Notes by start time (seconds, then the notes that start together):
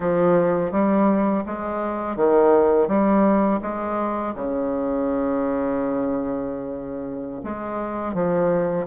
0.00 F3
0.71 G3
1.46 G#3
2.16 D#3
2.88 G3
3.61 G#3
4.34 C#3
7.43 G#3
8.14 F3